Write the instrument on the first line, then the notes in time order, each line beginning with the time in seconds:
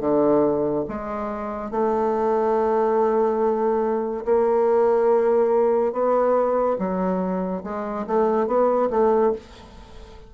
bassoon
0.00 D3
0.88 G#3
1.71 A3
4.25 A#3
5.92 B3
6.78 F#3
7.63 G#3
8.07 A3
8.47 B3
8.90 A3